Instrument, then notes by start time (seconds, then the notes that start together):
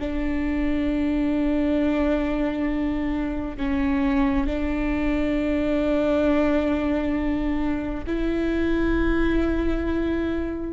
viola
0.00 D4
3.57 C#4
4.47 D4
8.07 E4